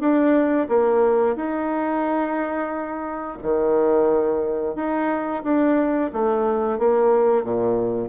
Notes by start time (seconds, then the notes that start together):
0.00 D4
0.69 A#3
1.36 D#4
3.43 D#3
4.76 D#4
5.43 D4
6.13 A3
6.78 A#3
7.44 A#2